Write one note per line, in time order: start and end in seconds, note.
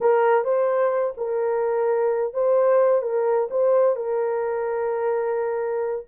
0.00 0.44 A#4
0.44 1.14 C5
1.17 2.33 A#4
2.33 3.01 C5
3.01 3.48 A#4
3.50 3.96 C5
3.96 6.05 A#4